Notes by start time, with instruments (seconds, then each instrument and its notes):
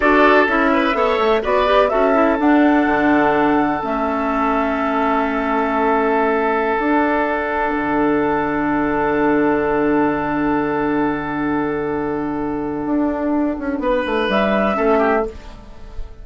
0.00 bassoon D4, clarinet F#4, oboe A4, flute D5
0.47 bassoon C#4, clarinet E4, flute E5
0.72 oboe B4
0.93 bassoon B3, clarinet A4, oboe C#5
1.18 bassoon A3
1.42 bassoon B3, clarinet F#4, oboe B4, flute D5
1.65 clarinet G4
1.89 bassoon C#4, clarinet F#4, oboe A4, flute E5
2.13 clarinet E4
2.37 clarinet D4, bassoon D4, flute F#5
2.86 bassoon D3
3.81 bassoon A3, clarinet C#4, flute E5
6.78 bassoon D4, clarinet D4, flute F#5
7.75 bassoon D3
12.85 bassoon D4
13.58 bassoon C#4
13.79 bassoon B3, oboe B4
14.06 bassoon A3
14.28 bassoon G3, flute E5
14.72 bassoon A3, clarinet C#4, oboe A4
14.98 oboe G4